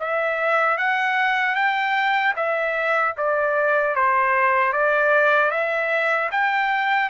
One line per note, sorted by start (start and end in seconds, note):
0.00 0.78 E5
0.78 1.55 F#5
1.55 2.34 G5
2.36 3.15 E5
3.17 3.95 D5
3.95 4.73 C5
4.73 5.51 D5
5.51 6.30 E5
6.32 7.10 G5